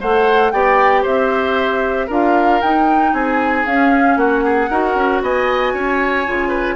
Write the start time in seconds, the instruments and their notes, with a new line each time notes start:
0.00 bassoon A3, clarinet A4, oboe C5, flute F#5
0.51 bassoon B3, clarinet G4, oboe D5, flute G5
1.02 bassoon C4, oboe C5, flute E5
2.06 bassoon D4, clarinet F4, oboe A#4, flute F5
2.61 bassoon D#4, clarinet D#4, flute G5
3.12 bassoon C4, oboe G#4, flute G#5
3.66 bassoon C#4, clarinet C#4, flute F5
4.16 bassoon A#3, oboe F#4, flute F#5
4.44 oboe G#4
4.70 bassoon D#4, clarinet F#4, oboe A#4
4.94 bassoon C#4
5.21 bassoon B3, oboe D#5, flute G#5
5.73 bassoon C#4, oboe C#5
6.25 bassoon C#3, clarinet F4
6.48 oboe B4